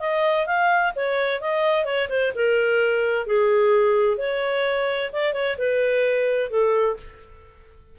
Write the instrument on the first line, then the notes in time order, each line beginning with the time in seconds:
clarinet
0.00 D#5
0.47 F5
0.96 C#5
1.41 D#5
1.85 C#5
2.09 C5
2.35 A#4
3.27 G#4
4.18 C#5
5.12 D5
5.33 C#5
5.58 B4
6.51 A4